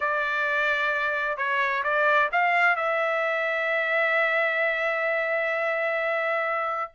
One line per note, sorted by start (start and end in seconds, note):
0.00 1.37 D5
1.37 1.83 C#5
1.83 2.29 D5
2.31 2.76 F5
2.76 6.91 E5